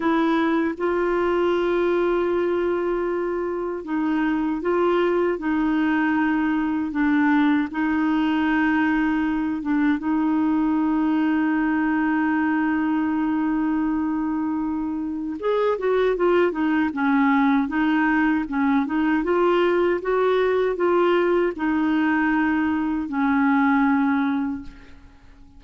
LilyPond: \new Staff \with { instrumentName = "clarinet" } { \time 4/4 \tempo 4 = 78 e'4 f'2.~ | f'4 dis'4 f'4 dis'4~ | dis'4 d'4 dis'2~ | dis'8 d'8 dis'2.~ |
dis'1 | gis'8 fis'8 f'8 dis'8 cis'4 dis'4 | cis'8 dis'8 f'4 fis'4 f'4 | dis'2 cis'2 | }